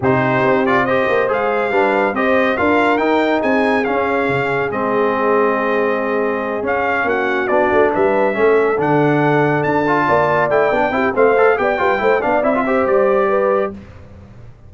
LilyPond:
<<
  \new Staff \with { instrumentName = "trumpet" } { \time 4/4 \tempo 4 = 140 c''4. d''8 dis''4 f''4~ | f''4 dis''4 f''4 g''4 | gis''4 f''2 dis''4~ | dis''2.~ dis''8 f''8~ |
f''8 fis''4 d''4 e''4.~ | e''8 fis''2 a''4.~ | a''8 g''4. f''4 g''4~ | g''8 f''8 e''4 d''2 | }
  \new Staff \with { instrumentName = "horn" } { \time 4/4 g'2 c''2 | b'4 c''4 ais'2 | gis'1~ | gis'1~ |
gis'8 fis'2 b'4 a'8~ | a'2.~ a'8 d''8~ | d''4. g'8 c''4 d''8 b'8 | c''8 d''4 c''4. b'4 | }
  \new Staff \with { instrumentName = "trombone" } { \time 4/4 dis'4. f'8 g'4 gis'4 | d'4 g'4 f'4 dis'4~ | dis'4 cis'2 c'4~ | c'2.~ c'8 cis'8~ |
cis'4. d'2 cis'8~ | cis'8 d'2~ d'8 f'4~ | f'8 e'8 d'8 e'8 c'8 a'8 g'8 f'8 | e'8 d'8 e'16 f'16 g'2~ g'8 | }
  \new Staff \with { instrumentName = "tuba" } { \time 4/4 c4 c'4. ais8 gis4 | g4 c'4 d'4 dis'4 | c'4 cis'4 cis4 gis4~ | gis2.~ gis8 cis'8~ |
cis'8 ais4 b8 a8 g4 a8~ | a8 d2 d'4 ais8~ | ais8 a8 b8 c'8 a4 b8 g8 | a8 b8 c'4 g2 | }
>>